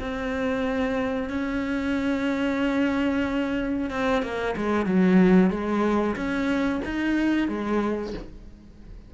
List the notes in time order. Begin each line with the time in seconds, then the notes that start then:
0.00 C4
1.30 C#4
3.91 C4
4.23 A#3
4.57 G#3
4.86 F#3
5.50 G#3
6.16 C#4
6.85 D#4
7.49 G#3